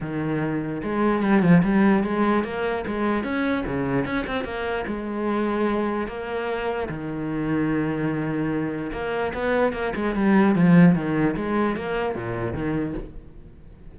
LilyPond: \new Staff \with { instrumentName = "cello" } { \time 4/4 \tempo 4 = 148 dis2 gis4 g8 f8 | g4 gis4 ais4 gis4 | cis'4 cis4 cis'8 c'8 ais4 | gis2. ais4~ |
ais4 dis2.~ | dis2 ais4 b4 | ais8 gis8 g4 f4 dis4 | gis4 ais4 ais,4 dis4 | }